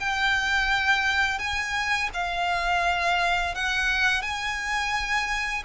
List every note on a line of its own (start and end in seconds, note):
0.00 1.39 G5
1.39 2.10 G#5
2.14 3.55 F5
3.55 4.22 F#5
4.22 5.63 G#5